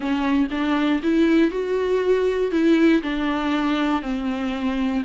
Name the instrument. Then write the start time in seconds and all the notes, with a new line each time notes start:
viola
0.00 C#4
0.50 D4
1.02 E4
1.50 F#4
2.51 E4
3.02 D4
4.02 C4